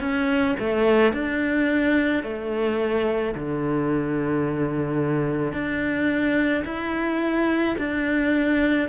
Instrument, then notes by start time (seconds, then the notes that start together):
cello
0.00 C#4
0.59 A3
1.13 D4
2.23 A3
3.34 D3
5.53 D4
6.65 E4
7.78 D4